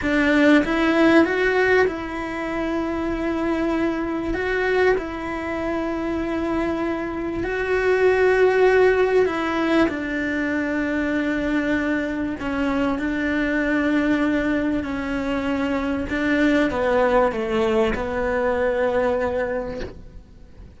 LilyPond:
\new Staff \with { instrumentName = "cello" } { \time 4/4 \tempo 4 = 97 d'4 e'4 fis'4 e'4~ | e'2. fis'4 | e'1 | fis'2. e'4 |
d'1 | cis'4 d'2. | cis'2 d'4 b4 | a4 b2. | }